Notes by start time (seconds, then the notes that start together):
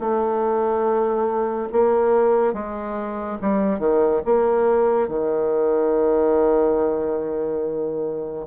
0.00 A3
1.73 A#3
2.54 G#3
3.42 G3
3.80 D#3
4.26 A#3
5.09 D#3